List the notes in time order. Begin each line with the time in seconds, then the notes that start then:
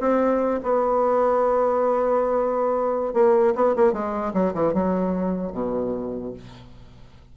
0.00 C4
0.63 B3
3.14 A#3
3.55 B3
3.76 A#3
3.93 G#3
4.34 F#3
4.54 E3
4.74 F#3
5.53 B2